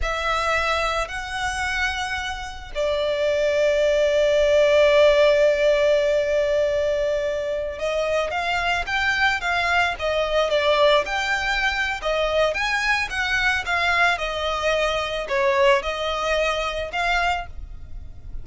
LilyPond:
\new Staff \with { instrumentName = "violin" } { \time 4/4 \tempo 4 = 110 e''2 fis''2~ | fis''4 d''2.~ | d''1~ | d''2~ d''16 dis''4 f''8.~ |
f''16 g''4 f''4 dis''4 d''8.~ | d''16 g''4.~ g''16 dis''4 gis''4 | fis''4 f''4 dis''2 | cis''4 dis''2 f''4 | }